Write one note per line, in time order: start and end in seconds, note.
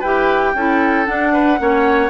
0.00 0.55 E4
0.00 0.56 G4
0.00 0.52 B4
0.00 1.06 G5
0.55 1.07 C#4
0.55 1.06 E4
0.55 1.33 A4
1.06 1.58 D4
1.06 1.60 D4
1.06 2.10 F#5
1.33 1.59 B4
1.58 2.10 A#3
1.58 2.10 C#4
1.58 2.10 C#5